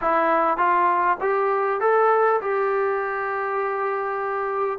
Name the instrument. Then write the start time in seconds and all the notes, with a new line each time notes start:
trombone
0.01 E4
0.57 F4
1.21 G4
1.80 A4
2.41 G4